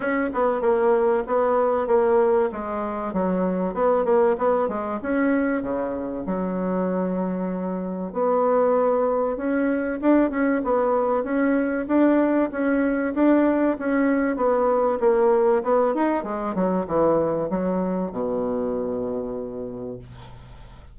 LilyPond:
\new Staff \with { instrumentName = "bassoon" } { \time 4/4 \tempo 4 = 96 cis'8 b8 ais4 b4 ais4 | gis4 fis4 b8 ais8 b8 gis8 | cis'4 cis4 fis2~ | fis4 b2 cis'4 |
d'8 cis'8 b4 cis'4 d'4 | cis'4 d'4 cis'4 b4 | ais4 b8 dis'8 gis8 fis8 e4 | fis4 b,2. | }